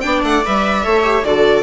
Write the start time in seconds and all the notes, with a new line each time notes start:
0.00 B3 D4 D5 G5
0.23 A3 F#5
0.45 G3 B4 E5
0.83 A3 A4 C#5
1.03 G4
1.23 D3 F#4 A4 D5